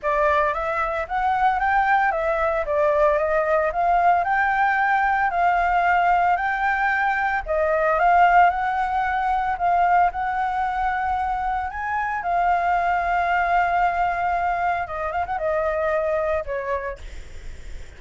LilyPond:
\new Staff \with { instrumentName = "flute" } { \time 4/4 \tempo 4 = 113 d''4 e''4 fis''4 g''4 | e''4 d''4 dis''4 f''4 | g''2 f''2 | g''2 dis''4 f''4 |
fis''2 f''4 fis''4~ | fis''2 gis''4 f''4~ | f''1 | dis''8 f''16 fis''16 dis''2 cis''4 | }